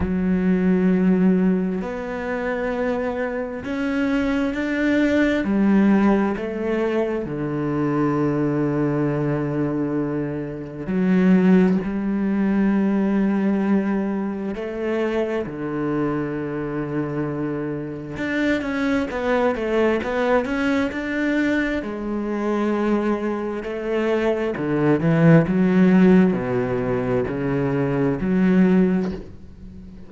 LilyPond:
\new Staff \with { instrumentName = "cello" } { \time 4/4 \tempo 4 = 66 fis2 b2 | cis'4 d'4 g4 a4 | d1 | fis4 g2. |
a4 d2. | d'8 cis'8 b8 a8 b8 cis'8 d'4 | gis2 a4 d8 e8 | fis4 b,4 cis4 fis4 | }